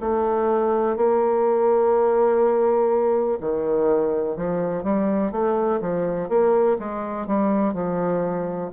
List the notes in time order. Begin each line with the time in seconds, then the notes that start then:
0.00 A3
0.96 A#3
3.40 D#3
4.36 F3
4.83 G3
5.31 A3
5.80 F3
6.29 A#3
6.79 G#3
7.27 G3
7.73 F3